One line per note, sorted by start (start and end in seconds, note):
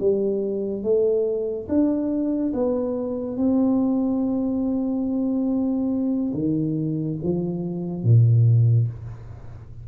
0.00 0.83 G3
0.83 1.67 A3
1.69 2.53 D4
2.54 3.37 B3
3.37 6.33 C4
6.34 7.18 D#3
7.23 8.04 F3
8.04 8.88 A#2